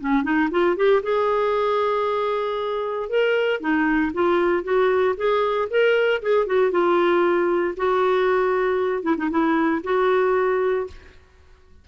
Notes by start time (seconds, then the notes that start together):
0.00 C#4
0.23 D#4
0.51 F4
0.76 G4
1.03 G#4
3.09 A#4
3.60 D#4
4.14 F4
4.63 F#4
5.17 G#4
5.70 A#4
6.22 G#4
6.46 F#4
6.71 F4
7.77 F#4
9.03 E4
9.17 D#4
9.30 E4
9.84 F#4